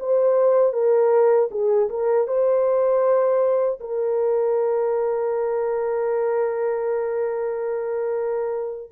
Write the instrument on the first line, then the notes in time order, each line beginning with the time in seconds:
horn
0.00 C5
0.74 A#4
1.51 G#4
1.90 A#4
2.28 C5
3.80 A#4